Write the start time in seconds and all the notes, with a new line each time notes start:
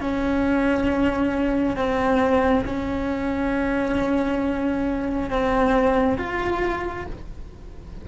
0.00 C#4
1.76 C4
2.65 C#4
5.29 C4
6.17 F4